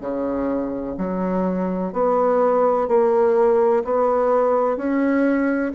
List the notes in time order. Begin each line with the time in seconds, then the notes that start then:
0.00 C#3
0.97 F#3
1.92 B3
2.88 A#3
3.84 B3
4.77 C#4